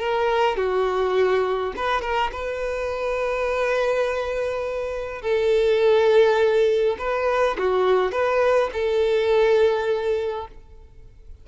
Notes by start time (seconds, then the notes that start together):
0.00 A#4
0.57 F#4
1.77 B4
2.02 A#4
2.32 B4
5.22 A4
6.99 B4
7.59 F#4
8.12 B4
8.73 A4